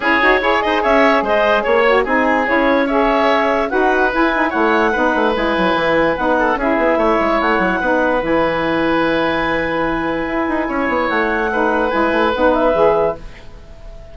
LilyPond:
<<
  \new Staff \with { instrumentName = "clarinet" } { \time 4/4 \tempo 4 = 146 cis''4. dis''8 e''4 dis''4 | cis''4 gis''4 cis''4 e''4~ | e''4 fis''4 gis''4 fis''4~ | fis''4 gis''2 fis''4 |
e''2 fis''2 | gis''1~ | gis''2. fis''4~ | fis''4 gis''4 fis''8 e''4. | }
  \new Staff \with { instrumentName = "oboe" } { \time 4/4 gis'4 cis''8 c''8 cis''4 c''4 | cis''4 gis'2 cis''4~ | cis''4 b'2 cis''4 | b'2.~ b'8 a'8 |
gis'4 cis''2 b'4~ | b'1~ | b'2 cis''2 | b'1 | }
  \new Staff \with { instrumentName = "saxophone" } { \time 4/4 e'8 fis'8 gis'2.~ | gis'8 fis'8 dis'4 e'4 gis'4~ | gis'4 fis'4 e'8 dis'8 e'4 | dis'4 e'2 dis'4 |
e'2. dis'4 | e'1~ | e'1 | dis'4 e'4 dis'4 gis'4 | }
  \new Staff \with { instrumentName = "bassoon" } { \time 4/4 cis'8 dis'8 e'8 dis'8 cis'4 gis4 | ais4 c'4 cis'2~ | cis'4 dis'4 e'4 a4 | b8 a8 gis8 fis8 e4 b4 |
cis'8 b8 a8 gis8 a8 fis8 b4 | e1~ | e4 e'8 dis'8 cis'8 b8 a4~ | a4 gis8 a8 b4 e4 | }
>>